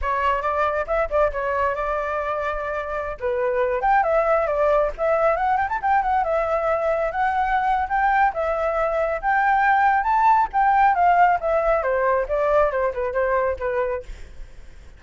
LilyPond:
\new Staff \with { instrumentName = "flute" } { \time 4/4 \tempo 4 = 137 cis''4 d''4 e''8 d''8 cis''4 | d''2.~ d''16 b'8.~ | b'8. g''8 e''4 d''4 e''8.~ | e''16 fis''8 g''16 a''16 g''8 fis''8 e''4.~ e''16~ |
e''16 fis''4.~ fis''16 g''4 e''4~ | e''4 g''2 a''4 | g''4 f''4 e''4 c''4 | d''4 c''8 b'8 c''4 b'4 | }